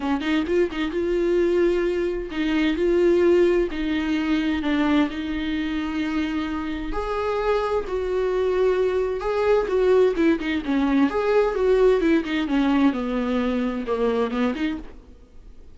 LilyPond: \new Staff \with { instrumentName = "viola" } { \time 4/4 \tempo 4 = 130 cis'8 dis'8 f'8 dis'8 f'2~ | f'4 dis'4 f'2 | dis'2 d'4 dis'4~ | dis'2. gis'4~ |
gis'4 fis'2. | gis'4 fis'4 e'8 dis'8 cis'4 | gis'4 fis'4 e'8 dis'8 cis'4 | b2 ais4 b8 dis'8 | }